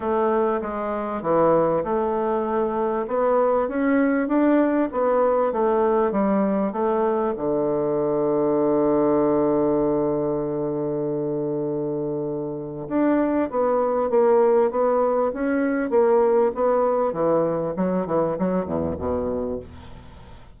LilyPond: \new Staff \with { instrumentName = "bassoon" } { \time 4/4 \tempo 4 = 98 a4 gis4 e4 a4~ | a4 b4 cis'4 d'4 | b4 a4 g4 a4 | d1~ |
d1~ | d4 d'4 b4 ais4 | b4 cis'4 ais4 b4 | e4 fis8 e8 fis8 e,8 b,4 | }